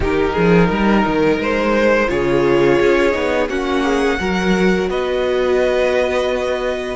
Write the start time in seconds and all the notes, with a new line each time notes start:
0.00 D#3 D#4 G4 A#4
0.33 F3 G#4
0.68 G3 A#4
1.06 D#3
1.38 G#3 C5
2.08 C#3 F4 G#4 C#5
2.80 C#4
3.11 B3 D#4
3.49 A#3 C#4 F#4 F#5
3.84 G#4
4.19 F#3 F#4 A#4
4.88 B3 B4 D#5